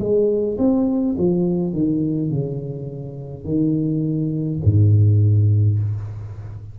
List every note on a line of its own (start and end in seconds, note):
0.00 0.58 G#3
0.58 1.16 C4
1.18 1.73 F3
1.73 2.31 D#3
2.31 3.45 C#3
3.45 4.60 D#3
4.64 5.80 G#2